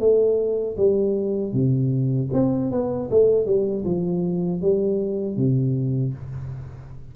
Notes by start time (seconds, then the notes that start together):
0.00 A3
0.78 G3
1.53 C3
2.34 C4
2.72 B3
3.11 A3
3.47 G3
3.85 F3
4.62 G3
5.37 C3